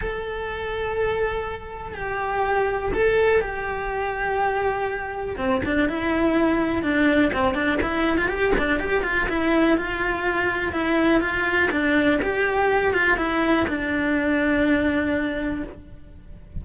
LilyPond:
\new Staff \with { instrumentName = "cello" } { \time 4/4 \tempo 4 = 123 a'1 | g'2 a'4 g'4~ | g'2. c'8 d'8 | e'2 d'4 c'8 d'8 |
e'8. f'16 g'8 d'8 g'8 f'8 e'4 | f'2 e'4 f'4 | d'4 g'4. f'8 e'4 | d'1 | }